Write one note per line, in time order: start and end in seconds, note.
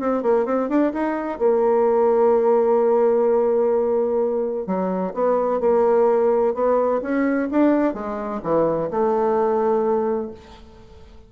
0.00 0.23 C4
0.23 0.46 A#3
0.46 0.69 C4
0.69 0.93 D4
0.93 1.39 D#4
1.39 4.67 A#3
4.67 5.13 F#3
5.14 5.61 B3
5.61 6.54 A#3
6.55 7.01 B3
7.02 7.49 C#4
7.51 7.94 D4
7.94 8.41 G#3
8.43 8.90 E3
8.91 10.31 A3